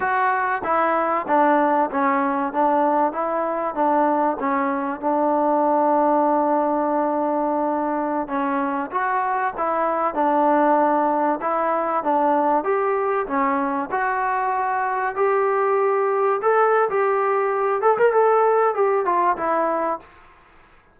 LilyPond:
\new Staff \with { instrumentName = "trombone" } { \time 4/4 \tempo 4 = 96 fis'4 e'4 d'4 cis'4 | d'4 e'4 d'4 cis'4 | d'1~ | d'4~ d'16 cis'4 fis'4 e'8.~ |
e'16 d'2 e'4 d'8.~ | d'16 g'4 cis'4 fis'4.~ fis'16~ | fis'16 g'2 a'8. g'4~ | g'8 a'16 ais'16 a'4 g'8 f'8 e'4 | }